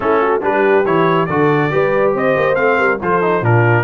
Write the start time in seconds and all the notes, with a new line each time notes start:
0.00 A3 C#4 E4 A4
0.21 F#4
0.41 G3 D4 G4 B4
0.85 E3 E4 C#5
1.25 D3 F#4 A4 D5
1.70 G3 G4 B4
2.14 C4 C5 D#5
2.36 A#3
2.55 A3 C4 F5
2.77 G3 A#4
3.01 F3 F4 A4 C5
3.21 D#4
3.41 A#2 D4 F4 A#4